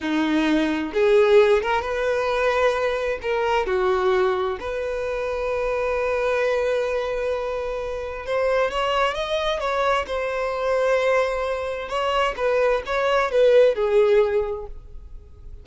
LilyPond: \new Staff \with { instrumentName = "violin" } { \time 4/4 \tempo 4 = 131 dis'2 gis'4. ais'8 | b'2. ais'4 | fis'2 b'2~ | b'1~ |
b'2 c''4 cis''4 | dis''4 cis''4 c''2~ | c''2 cis''4 b'4 | cis''4 b'4 gis'2 | }